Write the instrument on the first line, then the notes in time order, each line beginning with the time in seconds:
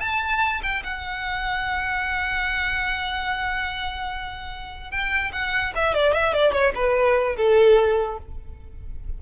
violin
0.00 A5
0.63 G5
0.83 F#5
4.91 G5
5.32 F#5
5.75 E5
5.94 D5
6.13 E5
6.34 D5
6.52 C#5
6.75 B4
7.36 A4